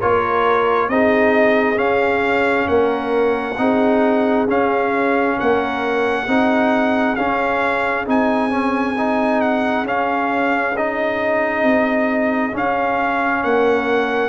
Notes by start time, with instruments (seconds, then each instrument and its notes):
0.00 tuba A#3, trombone F4, horn A#4, trumpet C#5
0.88 tuba C4, trombone D#4, horn G#4, trumpet D#5
1.76 trombone C#4, tuba C#4, trumpet F5
2.68 tuba A#3, horn A#4, trumpet F#5
3.57 tuba C4, trombone D#4, horn G#4
4.47 tuba C#4, trombone C#4, trumpet F5
5.38 tuba A#3, horn A#4, trumpet F#5
6.26 tuba C4, trombone D#4, horn G#4
7.15 tuba C#4, trombone C#4, trumpet F5
8.06 tuba C4, trombone D#4, trumpet G#5
8.50 trombone C#4
8.97 trombone D#4
9.41 trumpet F#5
9.84 tuba C#4, trombone C#4, trumpet F5
10.76 trombone D#4, trumpet D#5
11.63 tuba C4
12.51 trombone C#4, tuba C#4, trumpet F5
13.43 tuba A#3, horn A#4, trumpet F#5